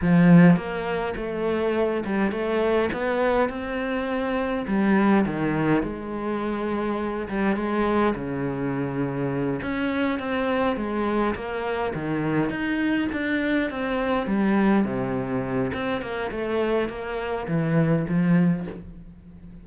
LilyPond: \new Staff \with { instrumentName = "cello" } { \time 4/4 \tempo 4 = 103 f4 ais4 a4. g8 | a4 b4 c'2 | g4 dis4 gis2~ | gis8 g8 gis4 cis2~ |
cis8 cis'4 c'4 gis4 ais8~ | ais8 dis4 dis'4 d'4 c'8~ | c'8 g4 c4. c'8 ais8 | a4 ais4 e4 f4 | }